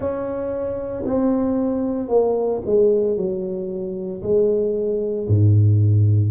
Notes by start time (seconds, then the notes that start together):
0.00 C#4
1.05 C4
2.08 A#3
2.65 G#3
3.16 F#3
4.22 G#3
5.28 G#2